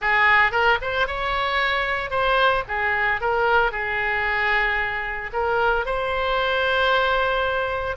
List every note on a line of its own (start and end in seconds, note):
0.01 0.51 G#4
0.51 0.78 A#4
0.81 1.07 C5
1.07 2.10 C#5
2.10 2.63 C5
2.67 3.20 G#4
3.20 3.71 A#4
3.71 5.30 G#4
5.32 5.85 A#4
5.85 7.96 C5